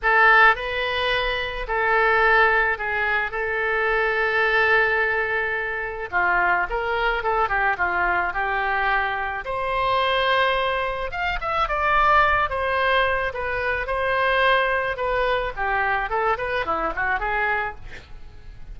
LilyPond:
\new Staff \with { instrumentName = "oboe" } { \time 4/4 \tempo 4 = 108 a'4 b'2 a'4~ | a'4 gis'4 a'2~ | a'2. f'4 | ais'4 a'8 g'8 f'4 g'4~ |
g'4 c''2. | f''8 e''8 d''4. c''4. | b'4 c''2 b'4 | g'4 a'8 b'8 e'8 fis'8 gis'4 | }